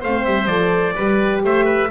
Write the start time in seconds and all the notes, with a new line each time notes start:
0.00 A3 C5 F5
0.06 C4
0.25 G3 E5
0.46 F3 A4 D5
0.95 G3 G4 B4
1.44 A3 C5 E5
1.65 B4